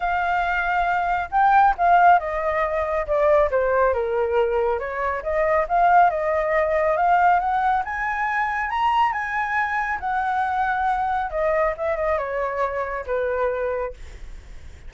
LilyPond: \new Staff \with { instrumentName = "flute" } { \time 4/4 \tempo 4 = 138 f''2. g''4 | f''4 dis''2 d''4 | c''4 ais'2 cis''4 | dis''4 f''4 dis''2 |
f''4 fis''4 gis''2 | ais''4 gis''2 fis''4~ | fis''2 dis''4 e''8 dis''8 | cis''2 b'2 | }